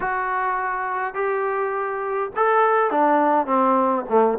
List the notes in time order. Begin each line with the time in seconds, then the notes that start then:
0.00 F#4
1.14 G4
2.36 A4
2.90 D4
3.46 C4
4.09 A3